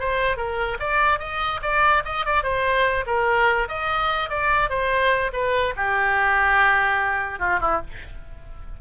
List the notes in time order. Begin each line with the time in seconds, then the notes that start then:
0.00 C5
0.37 A#4
0.80 D5
1.19 D#5
1.62 D5
2.05 D#5
2.26 D5
2.43 C5
3.07 A#4
3.69 D#5
4.30 D5
4.70 C5
5.33 B4
5.77 G4
7.39 F4
7.61 E4